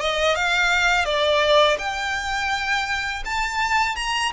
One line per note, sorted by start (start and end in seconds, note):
0.00 0.35 D#5
0.35 1.05 F5
1.05 1.77 D5
1.78 3.23 G5
3.25 3.95 A5
3.95 4.31 A#5